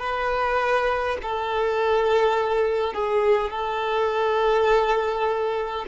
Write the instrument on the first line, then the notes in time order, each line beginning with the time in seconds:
violin
0.00 B4
1.23 A4
2.94 G#4
3.50 A4